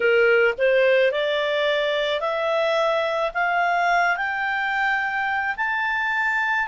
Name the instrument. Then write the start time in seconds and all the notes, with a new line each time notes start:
clarinet
0.00 A#4
0.58 C5
1.11 D5
2.20 E5
3.33 F5
4.17 G5
5.57 A5